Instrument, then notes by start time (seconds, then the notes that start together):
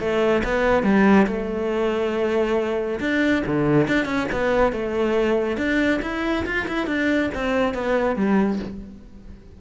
cello
0.00 A3
0.44 B3
0.83 G3
1.27 A3
3.00 D4
3.46 D3
3.88 D4
4.05 C#4
4.32 B3
4.73 A3
5.58 D4
6.02 E4
6.46 F4
6.68 E4
6.87 D4
7.35 C4
7.74 B3
8.16 G3